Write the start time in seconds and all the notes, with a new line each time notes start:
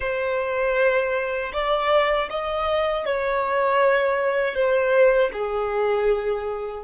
0.00 C5
1.53 D5
2.30 D#5
3.06 C#5
4.54 C5
5.33 G#4